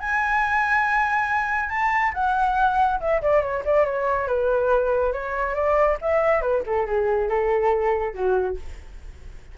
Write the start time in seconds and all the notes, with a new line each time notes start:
0.00 G#5
1.70 A5
2.14 F#5
3.00 E5
3.22 D5
3.42 C#5
3.65 D5
3.86 C#5
4.28 B4
5.13 C#5
5.55 D5
6.02 E5
6.42 B4
6.66 A4
6.86 G#4
7.30 A4
8.14 F#4